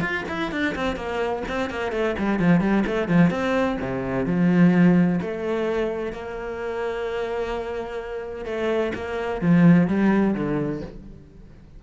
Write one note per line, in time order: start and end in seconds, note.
0.00 0.23 F4
0.28 0.51 E4
0.51 0.74 D4
0.75 0.95 C4
0.95 1.42 A#3
1.48 1.70 C4
1.70 1.91 A#3
1.91 2.15 A3
2.18 2.39 G3
2.39 2.60 F3
2.60 2.83 G3
2.86 3.07 A3
3.07 3.30 F3
3.30 3.77 C4
3.81 4.26 C3
4.26 5.19 F3
5.21 6.12 A3
6.12 8.45 A#3
8.45 8.92 A3
8.94 9.41 A#3
9.41 9.87 F3
9.87 10.34 G3
10.34 10.81 D3